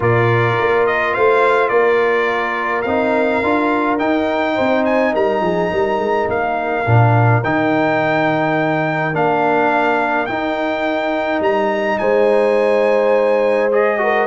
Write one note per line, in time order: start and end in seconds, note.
0.00 0.55 A#2
0.00 2.84 F4
0.00 1.13 A#4
0.00 0.86 D5
0.59 1.16 A#3
0.86 1.14 D#5
1.13 1.70 A3
1.13 1.70 C5
1.13 1.69 F5
1.69 2.84 A#3
1.69 4.54 A#4
1.69 2.82 D5
2.82 3.42 C4
2.82 3.43 D#4
2.82 3.96 F5
3.43 4.00 D4
3.43 3.99 F4
3.98 6.84 D#4
3.98 4.57 D#4
3.98 4.84 G5
4.54 5.15 C4
4.54 5.11 C5
4.85 5.14 G#5
5.13 5.41 G3
5.13 5.41 A#4
5.13 6.29 A#5
5.41 5.69 F3
5.41 5.70 G#4
5.71 5.99 G3
5.71 11.99 A#4
5.99 6.27 G#3
6.27 6.85 A#3
6.27 7.43 F5
6.85 7.43 A#2
6.85 7.42 D4
7.43 9.13 D#3
7.43 9.13 D#4
7.43 9.15 G5
9.13 10.27 A#3
9.13 10.27 D4
9.13 10.26 F5
10.26 13.70 D#4
10.26 11.40 D#4
10.26 11.40 G5
11.40 11.97 G3
11.40 11.98 A#5
11.98 14.26 G#3
11.98 14.00 C5
11.98 13.69 G#5
13.71 13.98 G#4
13.71 14.26 D#5
13.98 14.26 F#4
13.98 14.26 A#4